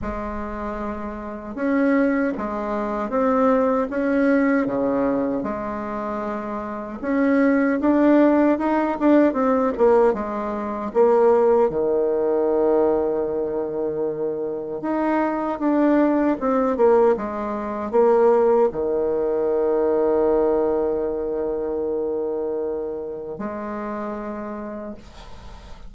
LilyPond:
\new Staff \with { instrumentName = "bassoon" } { \time 4/4 \tempo 4 = 77 gis2 cis'4 gis4 | c'4 cis'4 cis4 gis4~ | gis4 cis'4 d'4 dis'8 d'8 | c'8 ais8 gis4 ais4 dis4~ |
dis2. dis'4 | d'4 c'8 ais8 gis4 ais4 | dis1~ | dis2 gis2 | }